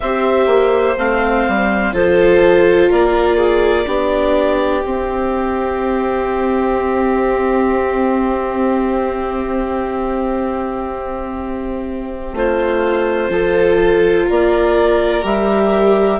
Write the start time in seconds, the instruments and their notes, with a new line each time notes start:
0.00 bassoon C4, viola G4, violin C5, clarinet E5
0.46 bassoon A#3
0.97 bassoon A3, viola C4, clarinet F5
1.48 bassoon G3
1.93 bassoon F3, viola F4, violin A4, clarinet C5
2.89 bassoon A#3, violin A#4, clarinet D5
3.36 violin G#4
3.86 bassoon B3, viola D4, violin G4
4.84 viola C4, bassoon C4, clarinet E5
12.32 bassoon A3, violin F4, clarinet C5
13.29 bassoon F3, viola F4, violin A4
14.26 bassoon A#3, violin A#4, clarinet D5
15.22 bassoon G3, viola G4, clarinet E5